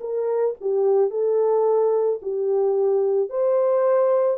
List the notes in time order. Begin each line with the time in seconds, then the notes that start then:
0.00 A#4
0.60 G4
1.10 A4
2.21 G4
3.29 C5